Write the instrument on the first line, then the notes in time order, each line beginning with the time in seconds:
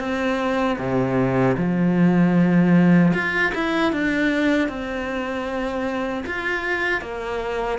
cello
0.00 C4
0.79 C3
1.58 F3
3.15 F4
3.55 E4
3.93 D4
4.69 C4
6.27 F4
7.02 A#3